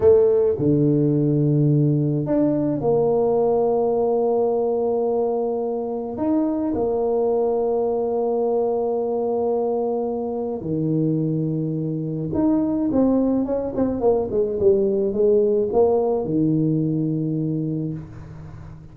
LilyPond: \new Staff \with { instrumentName = "tuba" } { \time 4/4 \tempo 4 = 107 a4 d2. | d'4 ais2.~ | ais2. dis'4 | ais1~ |
ais2. dis4~ | dis2 dis'4 c'4 | cis'8 c'8 ais8 gis8 g4 gis4 | ais4 dis2. | }